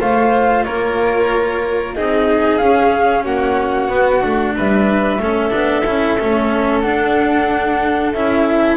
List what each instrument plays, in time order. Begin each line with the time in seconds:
0.00 double bass A3, cello F4, violin C5, flute F5
0.64 double bass A#3, violin A#4, flute C#5
1.95 double bass C4, cello D#4, violin G#4, flute D#5
2.58 double bass C#4, cello C#4, flute F5
3.25 double bass A#3, violin F#4, flute F#5
3.89 cello B3, double bass B3
4.21 double bass A3, cello D4
4.56 double bass G3, violin B4, flute E5
5.19 double bass A3, cello C#4, violin A4
5.51 double bass B3, cello D4
5.86 double bass C#4, cello E4
6.20 double bass A3, cello C#4
6.81 cello D4, double bass D4, flute F#5
8.12 double bass C#4, cello E4, flute E5